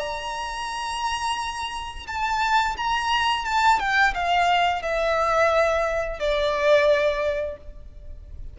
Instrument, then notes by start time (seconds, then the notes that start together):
violin
0.00 A#5
2.08 A5
2.77 A#5
3.45 A5
3.80 G5
4.14 F5
4.82 E5
6.19 D5